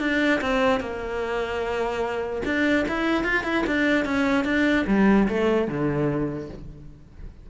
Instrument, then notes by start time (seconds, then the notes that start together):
cello
0.00 D4
0.41 C4
0.80 A#3
2.45 D4
2.88 E4
3.24 F4
3.44 E4
3.67 D4
4.05 C#4
4.45 D4
4.87 G3
5.28 A3
5.68 D3